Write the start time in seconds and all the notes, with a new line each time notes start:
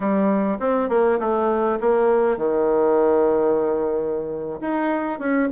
0.00 G3
0.59 C4
0.89 A#3
1.19 A3
1.80 A#3
2.37 D#3
4.60 D#4
5.19 C#4